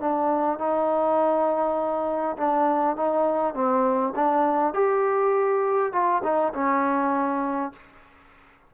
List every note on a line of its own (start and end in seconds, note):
0.00 0.59 D4
0.59 2.37 D#4
2.37 2.96 D4
2.96 3.55 D#4
3.55 4.14 C4
4.16 4.74 D4
4.74 5.93 G4
5.93 6.23 F4
6.24 6.53 D#4
6.54 7.73 C#4